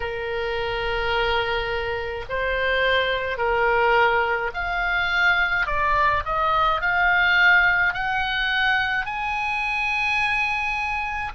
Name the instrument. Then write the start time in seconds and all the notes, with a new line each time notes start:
oboe
0.00 A#4
2.29 C5
3.37 A#4
4.54 F5
5.66 D5
6.25 D#5
6.81 F5
7.93 F#5
9.05 G#5